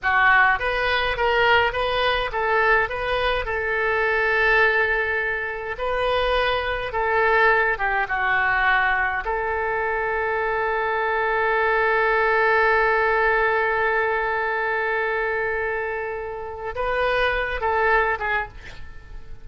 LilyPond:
\new Staff \with { instrumentName = "oboe" } { \time 4/4 \tempo 4 = 104 fis'4 b'4 ais'4 b'4 | a'4 b'4 a'2~ | a'2 b'2 | a'4. g'8 fis'2 |
a'1~ | a'1~ | a'1~ | a'4 b'4. a'4 gis'8 | }